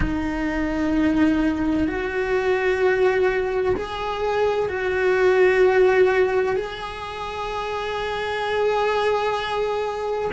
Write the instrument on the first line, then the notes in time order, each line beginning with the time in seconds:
cello
0.00 D#4
1.87 F#4
3.75 G#4
4.69 F#4
6.55 G#4